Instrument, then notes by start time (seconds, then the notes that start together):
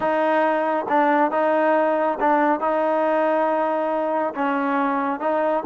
trombone
0.00 D#4
0.89 D4
1.31 D#4
2.20 D4
2.60 D#4
4.34 C#4
5.20 D#4